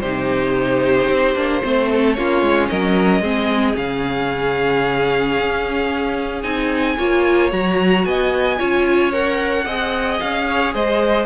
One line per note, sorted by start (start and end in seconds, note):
0.00 1.09 C3
0.00 1.35 D#4
0.00 1.63 G4
0.00 2.13 C5
1.09 1.35 C4
1.35 1.62 A#3
1.35 1.62 D4
1.62 2.18 A3
1.62 2.16 C4
1.62 1.90 C5
1.92 2.18 A4
2.13 2.42 A#3
2.13 3.22 C#4
2.13 2.70 F4
2.13 2.67 C#5
2.42 2.68 G#3
2.68 3.20 F#3
2.68 3.22 A#4
2.68 3.75 D#5
3.20 3.74 G#3
3.20 3.74 C4
3.20 6.97 G#4
3.74 5.37 C#3
3.74 6.42 C#4
3.74 6.43 F5
5.39 6.43 C#4
6.43 6.97 C4
6.43 6.97 D#4
6.43 7.50 G#5
6.97 7.52 A#3
6.97 7.51 F4
6.97 8.04 C#5
7.51 8.05 F#3
7.51 8.58 F#4
7.51 8.05 A#5
8.05 8.59 B3
8.05 8.58 D#5
8.05 9.12 G#5
8.58 9.65 C#4
8.58 9.12 F4
8.58 9.64 C#5
9.12 9.66 A#4
9.12 10.19 F#5
9.64 10.19 C4
9.64 11.26 G#4
9.64 10.44 D#5
10.20 10.74 C#4
10.20 10.73 F5
10.49 10.74 C#5
10.74 11.26 G#3
10.74 11.26 C5
10.74 11.26 D#5